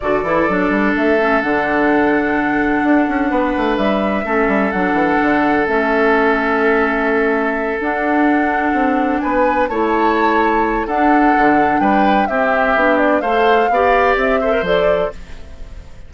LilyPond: <<
  \new Staff \with { instrumentName = "flute" } { \time 4/4 \tempo 4 = 127 d''2 e''4 fis''4~ | fis''1 | e''2 fis''2 | e''1~ |
e''8 fis''2. gis''8~ | gis''8 a''2~ a''8 fis''4~ | fis''4 g''4 e''4. d''8 | f''2 e''4 d''4 | }
  \new Staff \with { instrumentName = "oboe" } { \time 4/4 a'1~ | a'2. b'4~ | b'4 a'2.~ | a'1~ |
a'2.~ a'8 b'8~ | b'8 cis''2~ cis''8 a'4~ | a'4 b'4 g'2 | c''4 d''4. c''4. | }
  \new Staff \with { instrumentName = "clarinet" } { \time 4/4 fis'8 e'8 d'4. cis'8 d'4~ | d'1~ | d'4 cis'4 d'2 | cis'1~ |
cis'8 d'2.~ d'8~ | d'8 e'2~ e'8 d'4~ | d'2 c'4 d'4 | a'4 g'4. a'16 ais'16 a'4 | }
  \new Staff \with { instrumentName = "bassoon" } { \time 4/4 d8 e8 fis8 g8 a4 d4~ | d2 d'8 cis'8 b8 a8 | g4 a8 g8 fis8 e8 d4 | a1~ |
a8 d'2 c'4 b8~ | b8 a2~ a8 d'4 | d4 g4 c'4 b4 | a4 b4 c'4 f4 | }
>>